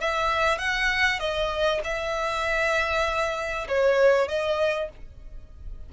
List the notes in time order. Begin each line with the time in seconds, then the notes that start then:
0.00 E5
0.58 F#5
1.19 D#5
1.83 E5
3.68 C#5
4.28 D#5